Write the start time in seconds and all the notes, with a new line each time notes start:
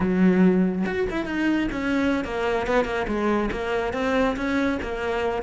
0.00 F#3
0.86 F#4
1.10 E4
1.25 D#4
1.71 C#4
2.24 A#3
2.66 B3
2.85 A#3
3.07 G#3
3.51 A#3
3.93 C4
4.36 C#4
4.82 A#3